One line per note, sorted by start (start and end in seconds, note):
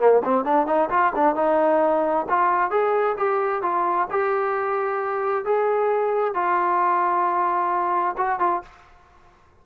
0.00 0.23 A#3
0.25 0.45 C4
0.45 0.67 D4
0.67 0.90 D#4
0.90 1.13 F4
1.16 1.36 D4
1.36 2.27 D#4
2.29 2.71 F4
2.71 3.17 G#4
3.18 3.63 G4
3.63 4.08 F4
4.11 5.45 G4
5.45 6.35 G#4
6.35 8.17 F4
8.18 8.40 F#4
8.40 8.63 F4